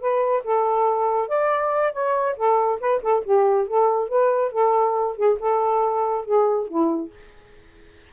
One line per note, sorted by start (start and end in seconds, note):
0.00 0.43 B4
0.43 1.28 A4
1.28 1.92 D5
1.92 2.35 C#5
2.36 2.79 A4
2.80 3.02 B4
3.02 3.23 A4
3.24 3.67 G4
3.67 4.08 A4
4.08 4.51 B4
4.51 5.16 A4
5.16 5.38 G#4
5.39 6.25 A4
6.25 6.67 G#4
6.67 7.10 E4